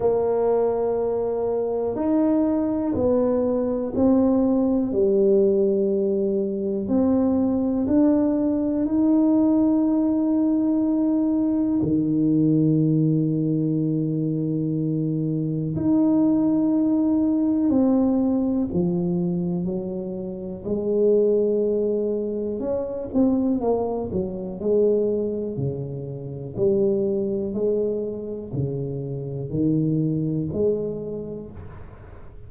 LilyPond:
\new Staff \with { instrumentName = "tuba" } { \time 4/4 \tempo 4 = 61 ais2 dis'4 b4 | c'4 g2 c'4 | d'4 dis'2. | dis1 |
dis'2 c'4 f4 | fis4 gis2 cis'8 c'8 | ais8 fis8 gis4 cis4 g4 | gis4 cis4 dis4 gis4 | }